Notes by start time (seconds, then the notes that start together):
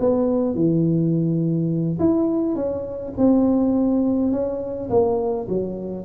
0.00 B3
0.55 E3
1.99 E4
2.56 C#4
3.17 C4
4.32 C#4
4.90 A#3
5.49 F#3